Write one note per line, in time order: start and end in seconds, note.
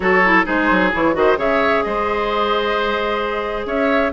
0.00 0.45 F#3
0.00 0.21 F#4
0.00 0.45 A4
0.00 0.45 C#5
0.25 0.45 E4
0.45 0.70 G#3
0.45 0.90 D#4
0.45 1.14 G#4
0.45 0.92 C5
0.70 0.93 F#3
0.92 1.15 E3
0.92 1.13 E4
0.92 1.15 C#5
1.13 1.37 D#3
1.13 1.36 F#4
1.13 1.38 C5
1.13 1.38 D#5
1.37 1.83 C#3
1.37 4.12 G#4
1.37 1.84 C#5
1.37 1.83 E5
1.83 3.65 G#3
1.83 3.66 C5
1.83 3.66 D#5
3.65 4.11 C#4
3.65 4.12 C#5
3.65 4.12 E5